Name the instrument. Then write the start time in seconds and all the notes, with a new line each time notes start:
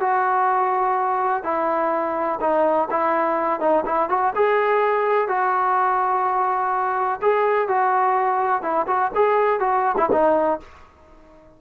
trombone
0.00 F#4
1.43 E4
2.40 D#4
2.90 E4
3.60 D#4
3.85 E4
4.09 F#4
4.35 G#4
5.28 F#4
7.22 G#4
7.68 F#4
8.62 E4
8.87 F#4
9.15 G#4
9.60 F#4
9.97 E4
10.11 D#4